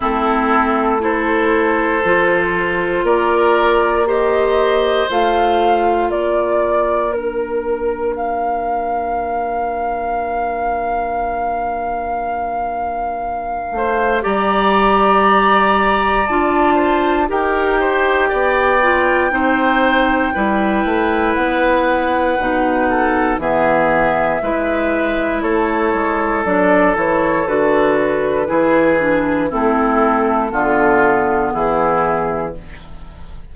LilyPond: <<
  \new Staff \with { instrumentName = "flute" } { \time 4/4 \tempo 4 = 59 a'4 c''2 d''4 | dis''4 f''4 d''4 ais'4 | f''1~ | f''2 ais''2 |
a''4 g''2.~ | g''4 fis''2 e''4~ | e''4 cis''4 d''8 cis''8 b'4~ | b'4 a'2 gis'4 | }
  \new Staff \with { instrumentName = "oboe" } { \time 4/4 e'4 a'2 ais'4 | c''2 ais'2~ | ais'1~ | ais'4. c''8 d''2~ |
d''8 c''8 ais'8 c''8 d''4 c''4 | b'2~ b'8 a'8 gis'4 | b'4 a'2. | gis'4 e'4 f'4 e'4 | }
  \new Staff \with { instrumentName = "clarinet" } { \time 4/4 c'4 e'4 f'2 | g'4 f'2 d'4~ | d'1~ | d'2 g'2 |
f'4 g'4. f'8 dis'4 | e'2 dis'4 b4 | e'2 d'8 e'8 fis'4 | e'8 d'8 c'4 b2 | }
  \new Staff \with { instrumentName = "bassoon" } { \time 4/4 a2 f4 ais4~ | ais4 a4 ais2~ | ais1~ | ais4. a8 g2 |
d'4 dis'4 b4 c'4 | g8 a8 b4 b,4 e4 | gis4 a8 gis8 fis8 e8 d4 | e4 a4 d4 e4 | }
>>